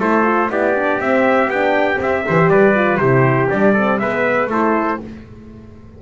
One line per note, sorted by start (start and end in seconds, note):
0.00 0.50 A3
0.00 0.24 E4
0.00 0.50 A4
0.00 0.51 C5
0.24 0.49 F4
0.49 1.00 B3
0.49 0.74 E4
0.49 2.27 G4
0.49 1.01 D5
0.76 1.01 D4
1.01 1.51 C4
1.01 1.48 C4
1.01 1.51 E5
1.48 1.98 B3
1.48 1.96 D4
1.48 2.01 G5
1.96 2.21 C4
1.96 2.26 C4
2.02 2.50 E5
2.27 2.48 E3
2.27 2.75 G4
2.27 2.52 C5
2.48 2.98 G3
2.48 3.02 B4
2.48 2.97 D5
2.75 3.00 F4
2.97 3.48 C3
2.97 3.51 E4
2.97 3.73 G4
2.97 3.47 C5
3.50 4.01 G3
3.50 3.76 D4
3.50 3.99 D5
3.73 4.01 C4
3.73 3.98 A4
3.99 4.47 G#3
3.99 4.51 B3
3.99 4.50 B4
3.99 4.49 E5
4.47 4.97 A3
4.47 5.01 E4
4.47 5.00 A4
4.47 5.02 C5